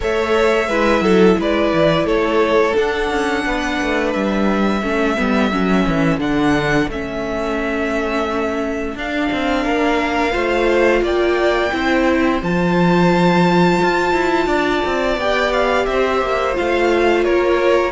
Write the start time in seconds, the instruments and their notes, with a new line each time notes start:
0.00 cello A3, viola A4, violin C#5 E5
0.68 cello G#3, viola E4, violin B4
1.01 cello F#3, violin A4
1.38 cello G#3, violin B4 D5
1.73 cello E3
2.04 cello A3, violin A4 C#5
2.74 viola D4, cello D4, violin F#5
3.10 cello C#4
3.45 cello B3, violin B4
3.81 cello A3
4.12 cello G3, violin E5
4.82 cello A3, viola C#4, violin A4
5.16 cello G3, viola B3
5.51 cello F#3, viola C#4
5.87 cello E3
6.18 cello D3, viola D4, violin F#5
6.88 cello A3, viola C#4, violin E5
8.95 cello D4, viola D4, violin F5
9.32 cello C4
9.63 cello A#3, violin A#4
10.31 cello A3, viola F4, violin C5
11.02 cello A#3, violin D5 G5
11.71 cello C4, viola E4, violin C5
12.42 cello F3, viola F4, violin A5
13.82 cello F4
14.13 cello E4
14.46 cello D4, violin D5
14.85 cello C4
15.17 cello B3, viola G4, violin G5
15.52 violin F5
15.85 cello C4, violin C5 E5
16.21 cello A#3
16.53 viola F4, violin F5
16.59 cello A3
17.24 cello A#3, violin A#4 C#5